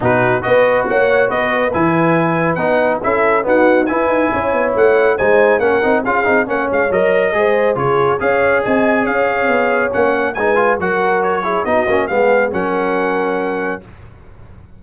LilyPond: <<
  \new Staff \with { instrumentName = "trumpet" } { \time 4/4 \tempo 4 = 139 b'4 dis''4 fis''4 dis''4 | gis''2 fis''4 e''4 | fis''4 gis''2 fis''4 | gis''4 fis''4 f''4 fis''8 f''8 |
dis''2 cis''4 f''4 | gis''4 f''2 fis''4 | gis''4 fis''4 cis''4 dis''4 | f''4 fis''2. | }
  \new Staff \with { instrumentName = "horn" } { \time 4/4 fis'4 b'4 cis''4 b'4~ | b'2. a'4 | fis'4 b'4 cis''2 | c''4 ais'4 gis'4 cis''4~ |
cis''4 c''4 gis'4 cis''4 | dis''4 cis''2. | b'4 ais'4. gis'8 fis'4 | gis'4 ais'2. | }
  \new Staff \with { instrumentName = "trombone" } { \time 4/4 dis'4 fis'2. | e'2 dis'4 e'4 | b4 e'2. | dis'4 cis'8 dis'8 f'8 dis'8 cis'4 |
ais'4 gis'4 f'4 gis'4~ | gis'2. cis'4 | dis'8 f'8 fis'4. e'8 dis'8 cis'8 | b4 cis'2. | }
  \new Staff \with { instrumentName = "tuba" } { \time 4/4 b,4 b4 ais4 b4 | e2 b4 cis'4 | dis'4 e'8 dis'8 cis'8 b8 a4 | gis4 ais8 c'8 cis'8 c'8 ais8 gis8 |
fis4 gis4 cis4 cis'4 | c'4 cis'4 b4 ais4 | gis4 fis2 b8 ais8 | gis4 fis2. | }
>>